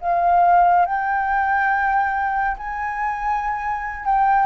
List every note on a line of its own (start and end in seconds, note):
0.00 0.85 F5
0.85 2.57 G5
2.57 4.05 G#5
4.05 4.46 G5